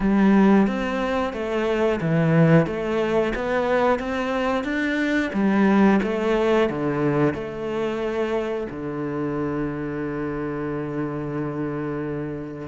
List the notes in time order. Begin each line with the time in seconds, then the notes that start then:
0.00 G3
0.67 C4
1.33 A3
2.01 E3
2.66 A3
3.35 B3
3.98 C4
4.63 D4
5.33 G3
6.02 A3
6.69 D3
7.33 A3
8.70 D3